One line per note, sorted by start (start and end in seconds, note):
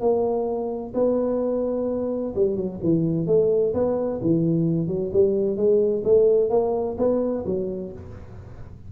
0.00 0.93 A#3
0.94 2.34 B3
2.36 2.56 G3
2.56 2.79 F#3
2.83 3.27 E3
3.27 3.73 A3
3.74 4.20 B3
4.21 4.87 E3
4.87 5.10 F#3
5.13 5.57 G3
5.57 6.03 G#3
6.04 6.50 A3
6.50 6.96 A#3
6.98 7.44 B3
7.46 7.92 F#3